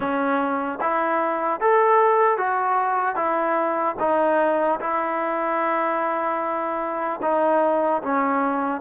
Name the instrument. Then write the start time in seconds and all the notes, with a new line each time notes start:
trombone
0.00 C#4
0.80 E4
1.60 A4
2.37 F#4
3.15 E4
3.99 D#4
4.80 E4
7.22 D#4
8.02 C#4